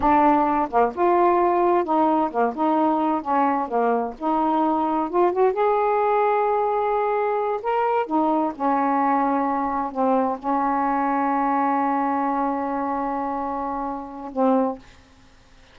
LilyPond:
\new Staff \with { instrumentName = "saxophone" } { \time 4/4 \tempo 4 = 130 d'4. ais8 f'2 | dis'4 ais8 dis'4. cis'4 | ais4 dis'2 f'8 fis'8 | gis'1~ |
gis'8 ais'4 dis'4 cis'4.~ | cis'4. c'4 cis'4.~ | cis'1~ | cis'2. c'4 | }